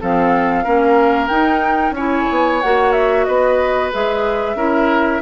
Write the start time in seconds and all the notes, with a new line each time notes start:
0.00 F3 C4 A4 F5
0.63 A#3 C#4 A#4
1.28 D#4 G5
1.91 C#4 C#5 G#5
1.97 E4
2.30 B3
2.61 A#3 F#4 F#5
2.92 E5
3.24 B3 B4 D#5
3.92 G#3 G#4 E5
4.55 C#4 E4 A#4